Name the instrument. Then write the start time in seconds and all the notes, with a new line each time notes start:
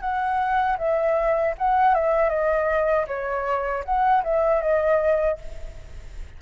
flute
0.00 F#5
0.78 E5
1.57 F#5
1.94 E5
2.29 D#5
3.07 C#5
3.84 F#5
4.23 E5
4.61 D#5